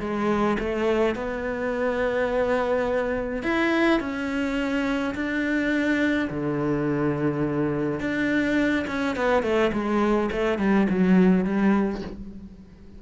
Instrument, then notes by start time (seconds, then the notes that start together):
cello
0.00 G#3
0.59 A3
1.15 B3
3.43 E4
4.00 C#4
5.15 D4
6.30 D3
8.00 D4
8.88 C#4
9.16 B3
9.43 A3
9.73 G#3
10.32 A3
10.58 G3
10.90 F#3
11.44 G3